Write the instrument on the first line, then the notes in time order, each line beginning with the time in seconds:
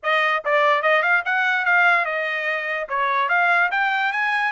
trumpet
0.02 D#5
0.44 D5
0.82 D#5
1.02 F5
1.25 F#5
1.65 F5
2.05 D#5
2.88 C#5
3.29 F5
3.71 G5
4.12 G#5